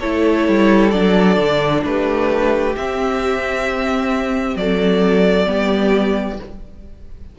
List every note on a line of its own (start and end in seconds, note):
0.00 0.48 A3
0.00 0.93 E4
0.00 1.82 A4
0.00 0.91 C#5
0.48 0.94 G3
0.91 1.38 F#3
0.91 2.75 D4
0.91 1.81 D5
1.38 1.83 D3
1.84 2.75 A3
1.84 4.59 G4
1.84 2.76 B4
2.75 5.46 C4
2.75 4.56 C4
2.75 4.57 E5
4.56 5.47 F#3
4.56 5.48 A4
4.56 6.39 D5
5.46 6.39 G3
5.46 6.37 B3
5.46 6.39 G4